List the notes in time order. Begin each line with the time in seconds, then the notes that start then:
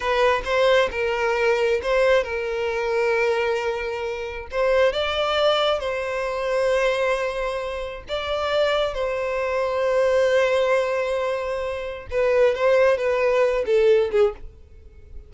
0.00 B4
0.44 C5
0.91 A#4
1.82 C5
2.23 A#4
4.51 C5
4.92 D5
5.79 C5
8.08 D5
8.93 C5
12.10 B4
12.54 C5
12.97 B4
13.66 A4
14.11 G#4